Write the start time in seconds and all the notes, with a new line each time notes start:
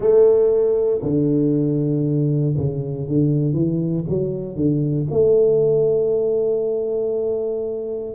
0.00 A3
1.02 D3
2.57 C#3
3.07 D3
3.53 E3
4.09 F#3
4.55 D3
5.11 A3